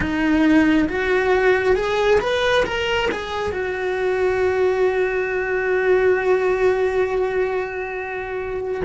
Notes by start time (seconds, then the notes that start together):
0.00 D#4
0.88 F#4
1.75 G#4
2.20 B4
2.65 A#4
3.11 G#4
3.52 F#4